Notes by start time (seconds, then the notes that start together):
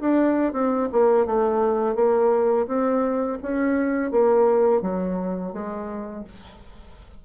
0.00 D4
0.53 C4
0.92 A#3
1.26 A3
1.95 A#3
2.67 C4
3.42 C#4
4.11 A#3
4.81 F#3
5.53 G#3